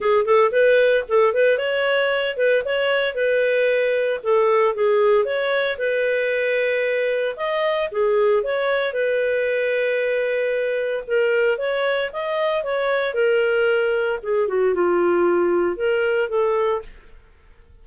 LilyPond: \new Staff \with { instrumentName = "clarinet" } { \time 4/4 \tempo 4 = 114 gis'8 a'8 b'4 a'8 b'8 cis''4~ | cis''8 b'8 cis''4 b'2 | a'4 gis'4 cis''4 b'4~ | b'2 dis''4 gis'4 |
cis''4 b'2.~ | b'4 ais'4 cis''4 dis''4 | cis''4 ais'2 gis'8 fis'8 | f'2 ais'4 a'4 | }